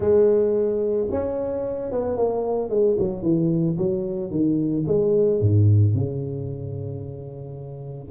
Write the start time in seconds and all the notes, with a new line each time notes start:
0.00 G#3
1.10 C#4
1.91 B3
2.16 A#3
2.69 G#3
2.99 F#3
3.22 E3
3.77 F#3
4.30 D#3
4.87 G#3
5.41 G#2
5.94 C#3